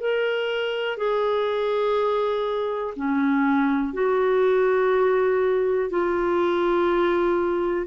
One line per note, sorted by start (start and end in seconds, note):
0.00 0.97 A#4
0.97 2.94 G#4
2.96 3.93 C#4
3.93 5.90 F#4
5.90 7.87 F4